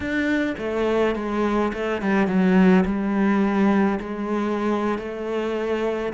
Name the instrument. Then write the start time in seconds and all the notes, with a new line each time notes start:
cello
0.00 D4
0.58 A3
1.15 G#3
1.73 A3
2.01 G3
2.27 F#3
2.85 G3
4.00 G#3
4.98 A3